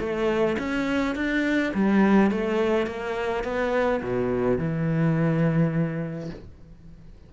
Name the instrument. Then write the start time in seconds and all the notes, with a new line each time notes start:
cello
0.00 A3
0.59 C#4
1.16 D4
1.75 G3
2.31 A3
2.87 A#3
3.44 B3
4.03 B2
4.59 E3